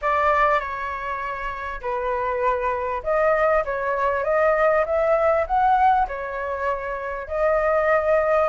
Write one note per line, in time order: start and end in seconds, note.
0.01 0.59 D5
0.59 1.80 C#5
1.81 3.02 B4
3.03 3.64 D#5
3.64 4.24 C#5
4.24 4.84 D#5
4.85 5.46 E5
5.46 6.07 F#5
6.07 7.27 C#5
7.27 8.48 D#5